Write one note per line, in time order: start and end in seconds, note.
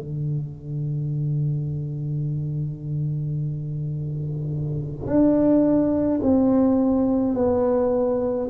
0.00 5.06 D3
5.06 6.20 D4
6.23 7.35 C4
7.35 8.49 B3